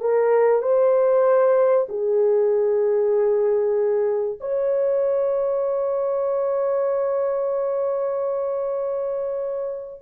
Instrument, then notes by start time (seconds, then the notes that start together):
horn
0.00 A#4
0.62 C5
1.89 G#4
4.40 C#5